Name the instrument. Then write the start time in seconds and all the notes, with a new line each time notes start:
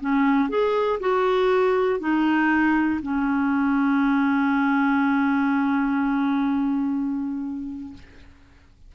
clarinet
0.00 C#4
0.49 G#4
1.00 F#4
1.99 D#4
3.02 C#4